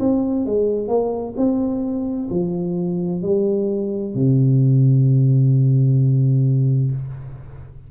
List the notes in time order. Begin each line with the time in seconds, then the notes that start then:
0.00 C4
0.46 G#3
0.89 A#3
1.37 C4
2.30 F3
3.22 G3
4.15 C3